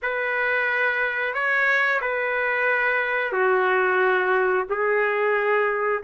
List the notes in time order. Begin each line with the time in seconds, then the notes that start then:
0.02 B4
1.33 C#5
2.01 B4
3.32 F#4
4.69 G#4